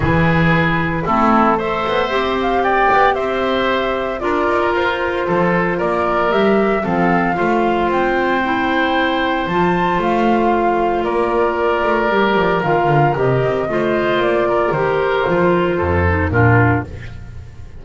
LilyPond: <<
  \new Staff \with { instrumentName = "flute" } { \time 4/4 \tempo 4 = 114 b'2 a'4 e''4~ | e''8 f''8 g''4 e''2 | d''4 c''2 d''4 | e''4 f''2 g''4~ |
g''2 a''4 f''4~ | f''4 d''2. | f''4 dis''2 d''4 | c''2. ais'4 | }
  \new Staff \with { instrumentName = "oboe" } { \time 4/4 gis'2 e'4 c''4~ | c''4 d''4 c''2 | ais'2 a'4 ais'4~ | ais'4 a'4 c''2~ |
c''1~ | c''4 ais'2.~ | ais'2 c''4. ais'8~ | ais'2 a'4 f'4 | }
  \new Staff \with { instrumentName = "clarinet" } { \time 4/4 e'2 c'4 a'4 | g'1 | f'1 | g'4 c'4 f'2 |
e'2 f'2~ | f'2. g'4 | f'4 g'4 f'2 | g'4 f'4. dis'8 d'4 | }
  \new Staff \with { instrumentName = "double bass" } { \time 4/4 e2 a4. b8 | c'4. b8 c'2 | d'8 dis'8 f'4 f4 ais4 | g4 f4 a4 c'4~ |
c'2 f4 a4~ | a4 ais4. a8 g8 f8 | dis8 d8 c8 c'8 a4 ais4 | dis4 f4 f,4 ais,4 | }
>>